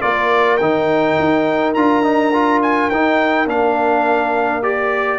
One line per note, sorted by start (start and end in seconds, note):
0.00 0.60 A#3
0.00 0.59 F4
0.00 5.19 A#4
0.00 0.57 D5
0.57 1.18 D#3
0.57 1.75 D#4
0.57 1.72 G5
1.19 1.75 D#4
1.74 2.90 D4
1.74 2.03 F4
1.74 2.60 A#5
2.03 2.32 D#4
2.33 2.91 F4
2.62 2.90 G#5
2.90 3.46 D#4
2.90 3.47 D#4
2.90 3.47 G5
3.46 5.19 A#3
3.46 4.62 D4
3.46 4.62 F5
4.62 5.19 G4
4.62 5.19 D5